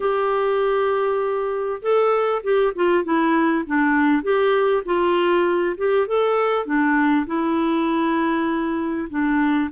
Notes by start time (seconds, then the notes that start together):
0.00 G4
1.82 A4
2.43 G4
2.75 F4
3.04 E4
3.66 D4
4.22 G4
4.85 F4
5.77 G4
6.07 A4
6.65 D4
7.26 E4
9.09 D4